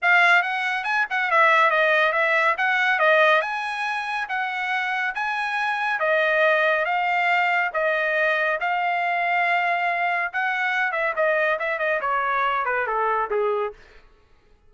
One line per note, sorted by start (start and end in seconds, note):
0.01 0.42 F5
0.42 0.84 F#5
0.84 1.05 G#5
1.09 1.31 F#5
1.31 1.70 E5
1.70 2.12 D#5
2.12 2.55 E5
2.57 2.99 F#5
2.99 3.41 D#5
3.41 4.27 G#5
4.28 5.14 F#5
5.14 5.99 G#5
5.99 6.85 D#5
6.85 7.70 F5
7.73 8.59 D#5
8.60 10.31 F5
10.32 10.92 F#5
10.92 11.13 E5
11.15 11.58 D#5
11.59 11.79 E5
11.79 12.00 D#5
12.00 12.65 C#5
12.65 12.86 B4
12.86 13.29 A4
13.30 13.73 G#4